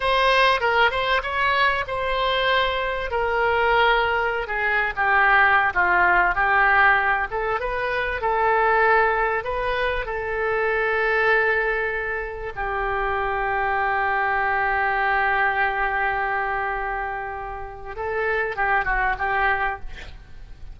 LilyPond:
\new Staff \with { instrumentName = "oboe" } { \time 4/4 \tempo 4 = 97 c''4 ais'8 c''8 cis''4 c''4~ | c''4 ais'2~ ais'16 gis'8. | g'4~ g'16 f'4 g'4. a'16~ | a'16 b'4 a'2 b'8.~ |
b'16 a'2.~ a'8.~ | a'16 g'2.~ g'8.~ | g'1~ | g'4 a'4 g'8 fis'8 g'4 | }